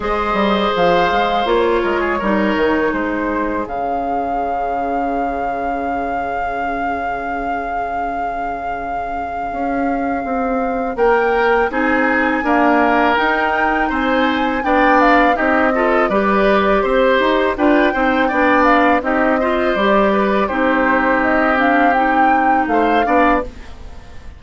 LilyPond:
<<
  \new Staff \with { instrumentName = "flute" } { \time 4/4 \tempo 4 = 82 dis''4 f''4 cis''2 | c''4 f''2.~ | f''1~ | f''2. g''4 |
gis''2 g''4 gis''4 | g''8 f''8 dis''4 d''4 c''4 | g''4. f''8 dis''4 d''4 | c''4 dis''8 f''8 g''4 f''4 | }
  \new Staff \with { instrumentName = "oboe" } { \time 4/4 c''2~ c''8 ais'16 gis'16 ais'4 | gis'1~ | gis'1~ | gis'2. ais'4 |
gis'4 ais'2 c''4 | d''4 g'8 a'8 b'4 c''4 | b'8 c''8 d''4 g'8 c''4 b'8 | g'2. c''8 d''8 | }
  \new Staff \with { instrumentName = "clarinet" } { \time 4/4 gis'2 f'4 dis'4~ | dis'4 cis'2.~ | cis'1~ | cis'1 |
dis'4 ais4 dis'2 | d'4 dis'8 f'8 g'2 | f'8 dis'8 d'4 dis'8 f'8 g'4 | dis'4. d'8 dis'4. d'8 | }
  \new Staff \with { instrumentName = "bassoon" } { \time 4/4 gis8 g8 f8 gis8 ais8 gis8 g8 dis8 | gis4 cis2.~ | cis1~ | cis4 cis'4 c'4 ais4 |
c'4 d'4 dis'4 c'4 | b4 c'4 g4 c'8 dis'8 | d'8 c'8 b4 c'4 g4 | c'2. a8 b8 | }
>>